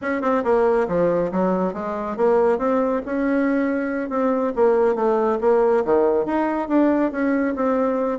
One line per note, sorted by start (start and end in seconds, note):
0.01 0.21 C#4
0.21 0.43 C4
0.44 0.87 A#3
0.88 1.31 F3
1.31 1.73 F#3
1.73 2.16 G#3
2.16 2.58 A#3
2.58 3.01 C4
3.05 4.09 C#4
4.09 4.52 C4
4.55 4.95 A#3
4.95 5.38 A3
5.40 5.84 A#3
5.84 6.25 D#3
6.25 6.68 D#4
6.68 7.11 D4
7.11 7.54 C#4
7.55 8.19 C4